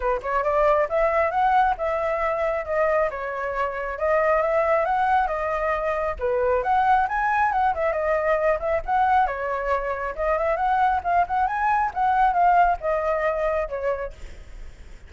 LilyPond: \new Staff \with { instrumentName = "flute" } { \time 4/4 \tempo 4 = 136 b'8 cis''8 d''4 e''4 fis''4 | e''2 dis''4 cis''4~ | cis''4 dis''4 e''4 fis''4 | dis''2 b'4 fis''4 |
gis''4 fis''8 e''8 dis''4. e''8 | fis''4 cis''2 dis''8 e''8 | fis''4 f''8 fis''8 gis''4 fis''4 | f''4 dis''2 cis''4 | }